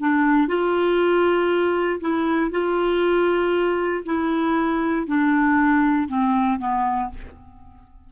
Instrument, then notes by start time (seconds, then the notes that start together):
clarinet
0.00 D4
0.48 F4
2.01 E4
2.51 F4
4.06 E4
5.08 D4
6.09 C4
6.59 B3